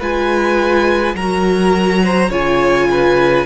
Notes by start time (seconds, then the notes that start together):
0.00 G#3 F4 B4 G#5
1.14 F#3 F#4 A#4 A#5
2.04 C5
2.30 C#3 F4 C#5 G#5
2.91 B4